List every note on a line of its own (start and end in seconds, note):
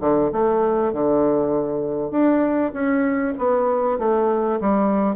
0.00 0.31 D3
0.32 0.93 A3
0.93 2.11 D3
2.11 2.72 D4
2.73 3.34 C#4
3.38 3.99 B3
3.99 4.60 A3
4.61 5.16 G3